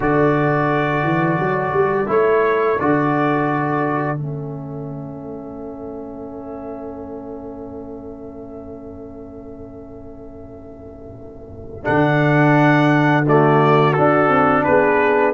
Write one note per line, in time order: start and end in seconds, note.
0.00 1.03 D3
0.00 2.06 F#4
0.00 13.25 A4
0.00 2.10 D5
1.03 1.38 E3
1.39 1.73 F#3
1.73 2.08 G3
2.06 2.79 A3
2.06 2.76 E4
2.06 2.79 C#5
2.79 4.19 D3
2.79 4.16 F#4
2.79 4.18 D5
4.16 11.86 A3
4.16 11.83 C#4
4.16 11.85 E5
11.83 13.97 D3
11.83 13.23 D4
11.83 13.24 F#5
13.25 13.97 A3
13.25 14.65 F#4
13.25 13.93 D5
13.93 15.34 D4
13.93 14.28 D4
13.93 14.63 A4
14.28 14.63 C4
14.63 15.34 B3
14.63 15.34 G#4
14.63 15.33 B4